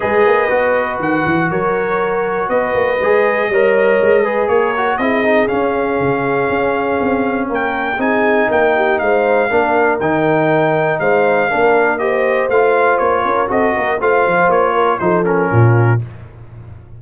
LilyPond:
<<
  \new Staff \with { instrumentName = "trumpet" } { \time 4/4 \tempo 4 = 120 dis''2 fis''4 cis''4~ | cis''4 dis''2.~ | dis''4 cis''4 dis''4 f''4~ | f''2. g''4 |
gis''4 g''4 f''2 | g''2 f''2 | dis''4 f''4 cis''4 dis''4 | f''4 cis''4 c''8 ais'4. | }
  \new Staff \with { instrumentName = "horn" } { \time 4/4 b'2. ais'4~ | ais'4 b'2 cis''4~ | cis''8 b'8 ais'4 gis'2~ | gis'2. ais'4 |
gis'4 ais'8 g'8 c''4 ais'4~ | ais'2 c''4 ais'4 | c''2~ c''8 ais'8 a'8 ais'8 | c''4. ais'8 a'4 f'4 | }
  \new Staff \with { instrumentName = "trombone" } { \time 4/4 gis'4 fis'2.~ | fis'2 gis'4 ais'4~ | ais'8 gis'4 fis'8 e'8 dis'8 cis'4~ | cis'1 |
dis'2. d'4 | dis'2. d'4 | g'4 f'2 fis'4 | f'2 dis'8 cis'4. | }
  \new Staff \with { instrumentName = "tuba" } { \time 4/4 gis8 ais8 b4 dis8 e8 fis4~ | fis4 b8 ais8 gis4 g4 | gis4 ais4 c'4 cis'4 | cis4 cis'4 c'4 ais4 |
c'4 ais4 gis4 ais4 | dis2 gis4 ais4~ | ais4 a4 ais8 cis'8 c'8 ais8 | a8 f8 ais4 f4 ais,4 | }
>>